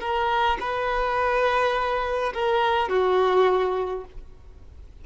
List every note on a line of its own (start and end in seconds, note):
0.00 0.58 A#4
0.60 2.33 B4
2.33 2.89 A#4
2.89 4.04 F#4